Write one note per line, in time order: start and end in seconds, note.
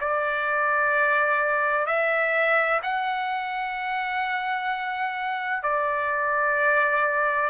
0.00 1.87 D5
1.87 2.80 E5
2.83 5.63 F#5
5.63 7.50 D5